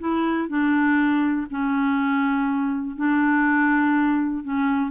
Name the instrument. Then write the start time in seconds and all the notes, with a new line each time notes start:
clarinet
0.00 E4
0.49 D4
1.51 C#4
2.97 D4
4.44 C#4